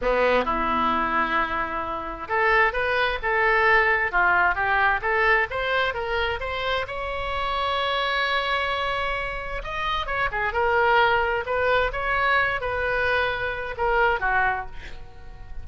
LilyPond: \new Staff \with { instrumentName = "oboe" } { \time 4/4 \tempo 4 = 131 b4 e'2.~ | e'4 a'4 b'4 a'4~ | a'4 f'4 g'4 a'4 | c''4 ais'4 c''4 cis''4~ |
cis''1~ | cis''4 dis''4 cis''8 gis'8 ais'4~ | ais'4 b'4 cis''4. b'8~ | b'2 ais'4 fis'4 | }